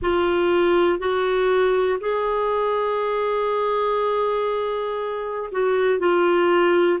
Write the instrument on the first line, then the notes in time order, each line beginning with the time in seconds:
clarinet
0.02 F4
0.99 F#4
2.00 G#4
5.51 F#4
5.99 F4